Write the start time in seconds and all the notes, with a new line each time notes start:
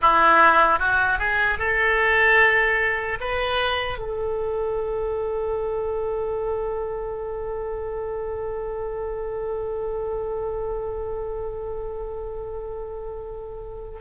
0.01 E4
0.79 F#4
1.19 G#4
1.58 A4
3.20 B4
3.98 A4